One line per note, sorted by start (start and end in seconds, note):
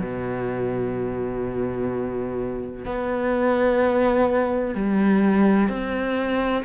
0.00 2.86 B2
2.86 4.75 B3
4.75 5.69 G3
5.69 6.65 C4